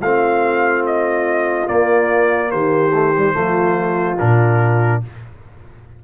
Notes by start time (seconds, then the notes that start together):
0.00 A3 C4 F4 F5
0.86 D#5
1.67 A#3 D5
2.51 D#3 G4 C5
2.93 A3
3.18 G3
3.33 F3 A3 F4
4.19 A#2 D4 A#4